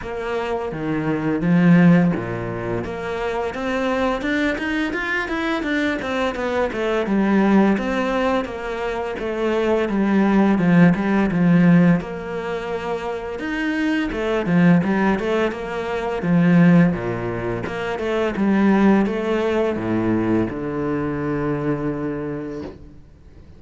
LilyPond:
\new Staff \with { instrumentName = "cello" } { \time 4/4 \tempo 4 = 85 ais4 dis4 f4 ais,4 | ais4 c'4 d'8 dis'8 f'8 e'8 | d'8 c'8 b8 a8 g4 c'4 | ais4 a4 g4 f8 g8 |
f4 ais2 dis'4 | a8 f8 g8 a8 ais4 f4 | ais,4 ais8 a8 g4 a4 | a,4 d2. | }